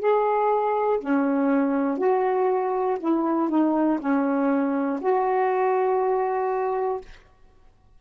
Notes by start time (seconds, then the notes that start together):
0.00 G#4
1.01 C#4
1.99 F#4
3.00 E4
3.50 D#4
4.00 C#4
5.01 F#4